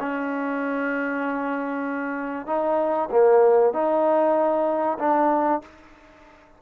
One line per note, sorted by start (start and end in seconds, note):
0.00 2.47 C#4
2.47 3.09 D#4
3.11 3.74 A#3
3.74 4.99 D#4
4.99 5.62 D4